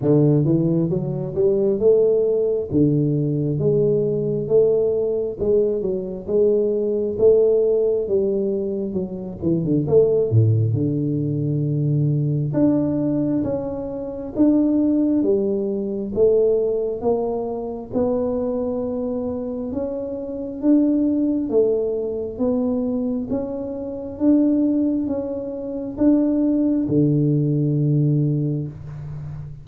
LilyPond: \new Staff \with { instrumentName = "tuba" } { \time 4/4 \tempo 4 = 67 d8 e8 fis8 g8 a4 d4 | gis4 a4 gis8 fis8 gis4 | a4 g4 fis8 e16 d16 a8 a,8 | d2 d'4 cis'4 |
d'4 g4 a4 ais4 | b2 cis'4 d'4 | a4 b4 cis'4 d'4 | cis'4 d'4 d2 | }